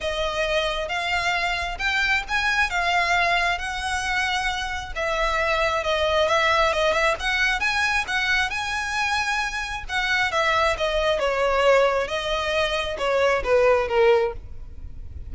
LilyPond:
\new Staff \with { instrumentName = "violin" } { \time 4/4 \tempo 4 = 134 dis''2 f''2 | g''4 gis''4 f''2 | fis''2. e''4~ | e''4 dis''4 e''4 dis''8 e''8 |
fis''4 gis''4 fis''4 gis''4~ | gis''2 fis''4 e''4 | dis''4 cis''2 dis''4~ | dis''4 cis''4 b'4 ais'4 | }